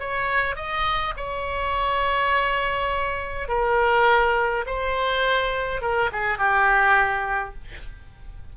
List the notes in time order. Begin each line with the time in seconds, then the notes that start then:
0.00 C#5
0.56 D#5
1.17 C#5
3.48 A#4
4.66 C5
5.81 A#4
6.13 G#4
6.38 G4